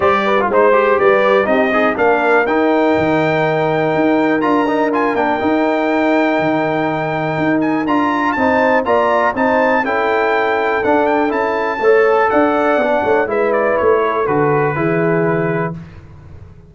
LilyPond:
<<
  \new Staff \with { instrumentName = "trumpet" } { \time 4/4 \tempo 4 = 122 d''4 c''4 d''4 dis''4 | f''4 g''2.~ | g''4 ais''4 gis''8 g''4.~ | g''2.~ g''8 gis''8 |
ais''4 a''4 ais''4 a''4 | g''2 fis''8 g''8 a''4~ | a''4 fis''2 e''8 d''8 | cis''4 b'2. | }
  \new Staff \with { instrumentName = "horn" } { \time 4/4 c''8 b'8 c''4 b'4 g'8 dis'8 | ais'1~ | ais'1~ | ais'1~ |
ais'4 c''4 d''4 c''4 | a'1 | cis''4 d''4. cis''8 b'4~ | b'8 a'4. gis'2 | }
  \new Staff \with { instrumentName = "trombone" } { \time 4/4 g'8. f'16 dis'8 g'4. dis'8 gis'8 | d'4 dis'2.~ | dis'4 f'8 dis'8 f'8 d'8 dis'4~ | dis'1 |
f'4 dis'4 f'4 dis'4 | e'2 d'4 e'4 | a'2 d'4 e'4~ | e'4 fis'4 e'2 | }
  \new Staff \with { instrumentName = "tuba" } { \time 4/4 g4 gis4 g4 c'4 | ais4 dis'4 dis2 | dis'4 d'4. ais8 dis'4~ | dis'4 dis2 dis'4 |
d'4 c'4 ais4 c'4 | cis'2 d'4 cis'4 | a4 d'4 b8 a8 gis4 | a4 d4 e2 | }
>>